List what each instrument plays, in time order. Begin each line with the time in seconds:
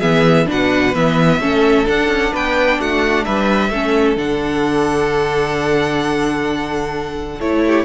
0.00 cello E3, viola B3, violin G#4 E5
0.47 cello B2, viola D4, violin B4 F#5
0.95 cello E3, viola B3, violin E5
1.39 cello A3, viola C#4, violin A4
1.86 viola D4, cello D4, violin F#5
2.09 cello C#4
2.32 cello B3, violin B4 G5
2.80 cello A3, violin F#4 F#5
3.24 cello G3, violin B4 E5
3.70 cello A3, viola C#4, violin A4
4.16 cello D3, viola D4, violin F#5
7.40 cello A3, viola E4, violin C#5
7.67 violin G4